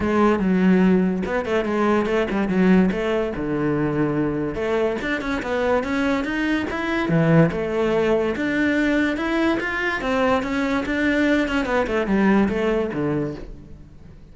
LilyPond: \new Staff \with { instrumentName = "cello" } { \time 4/4 \tempo 4 = 144 gis4 fis2 b8 a8 | gis4 a8 g8 fis4 a4 | d2. a4 | d'8 cis'8 b4 cis'4 dis'4 |
e'4 e4 a2 | d'2 e'4 f'4 | c'4 cis'4 d'4. cis'8 | b8 a8 g4 a4 d4 | }